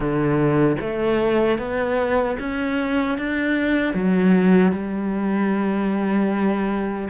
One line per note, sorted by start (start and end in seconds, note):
0.00 0.76 D3
0.80 1.58 A3
1.58 2.37 B3
2.39 3.18 C#4
3.18 3.94 D4
3.94 4.72 F#3
4.72 7.08 G3